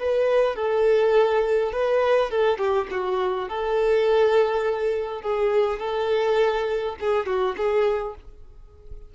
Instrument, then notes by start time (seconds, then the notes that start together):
violin
0.00 B4
0.56 A4
1.73 B4
2.31 A4
2.59 G4
2.92 F#4
3.50 A4
5.22 G#4
5.80 A4
7.01 G#4
7.27 F#4
7.57 G#4